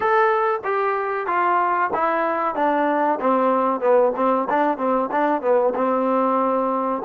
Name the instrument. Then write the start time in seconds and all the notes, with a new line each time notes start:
trombone
0.00 A4
0.64 G4
1.26 F4
1.93 E4
2.55 D4
3.20 C4
3.80 B3
4.15 C4
4.49 D4
4.77 C4
5.11 D4
5.41 B3
5.74 C4